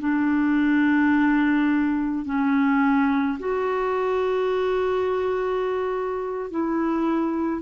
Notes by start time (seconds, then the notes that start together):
0.00 D4
2.25 C#4
3.40 F#4
6.51 E4